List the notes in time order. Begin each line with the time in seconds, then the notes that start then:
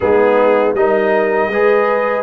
0.00 G#3 B3 D#4 G#4
0.73 G3 D#4 A#4 D#5
1.47 G#3 G#4 B4